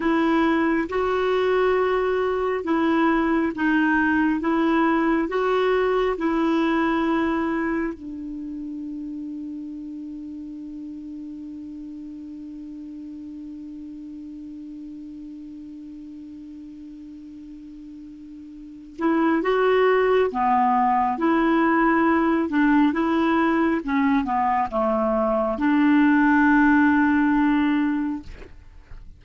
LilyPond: \new Staff \with { instrumentName = "clarinet" } { \time 4/4 \tempo 4 = 68 e'4 fis'2 e'4 | dis'4 e'4 fis'4 e'4~ | e'4 d'2.~ | d'1~ |
d'1~ | d'4. e'8 fis'4 b4 | e'4. d'8 e'4 cis'8 b8 | a4 d'2. | }